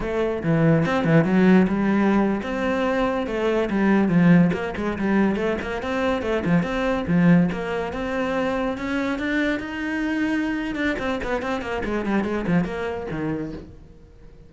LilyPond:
\new Staff \with { instrumentName = "cello" } { \time 4/4 \tempo 4 = 142 a4 e4 c'8 e8 fis4 | g4.~ g16 c'2 a16~ | a8. g4 f4 ais8 gis8 g16~ | g8. a8 ais8 c'4 a8 f8 c'16~ |
c'8. f4 ais4 c'4~ c'16~ | c'8. cis'4 d'4 dis'4~ dis'16~ | dis'4. d'8 c'8 b8 c'8 ais8 | gis8 g8 gis8 f8 ais4 dis4 | }